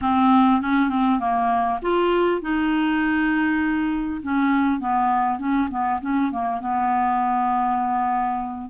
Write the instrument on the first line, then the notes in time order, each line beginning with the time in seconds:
clarinet
0.01 C4
0.61 C#4
0.89 C4
1.19 A#3
1.82 F4
2.41 D#4
4.22 C#4
4.80 B3
5.38 C#4
5.70 B3
6.01 C#4
6.31 A#3
6.60 B3